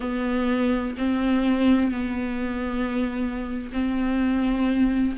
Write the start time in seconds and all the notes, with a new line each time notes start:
0.00 B3
0.97 C4
1.91 B3
3.72 C4